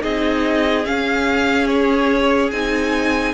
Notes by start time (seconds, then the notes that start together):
0.00 C4 D#4 G#4 D#5
0.85 C#4 F5
1.67 C#5
2.51 C4 D#4 G#5